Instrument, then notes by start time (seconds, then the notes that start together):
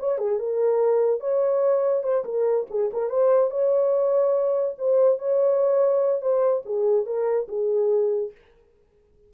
horn
0.00 C#5
0.19 G#4
0.39 A#4
1.21 C#5
2.04 C5
2.25 A#4
2.71 G#4
2.94 A#4
3.10 C5
3.51 C#5
4.79 C5
5.19 C#5
6.22 C5
6.66 G#4
7.06 A#4
7.48 G#4